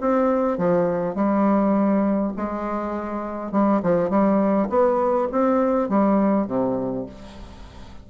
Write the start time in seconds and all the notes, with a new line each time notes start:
0.00 C4
0.57 F3
1.15 G3
2.36 G#3
3.52 G3
3.82 F3
4.09 G3
4.69 B3
5.31 C4
5.89 G3
6.47 C3